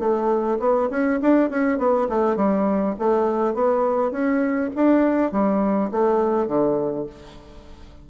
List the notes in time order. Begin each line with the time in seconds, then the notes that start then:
0.00 A3
0.60 B3
0.91 C#4
1.22 D4
1.50 C#4
1.79 B3
2.10 A3
2.37 G3
3.00 A3
3.55 B3
4.12 C#4
4.76 D4
5.32 G3
5.92 A3
6.48 D3